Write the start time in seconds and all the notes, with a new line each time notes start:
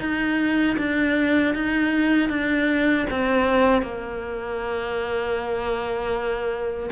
0.00 D#4
0.78 D4
1.55 D#4
2.30 D4
3.11 C4
3.83 A#3